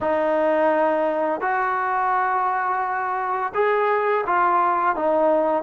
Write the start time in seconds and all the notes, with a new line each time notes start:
0.01 D#4
1.41 F#4
3.54 G#4
4.26 F4
4.95 D#4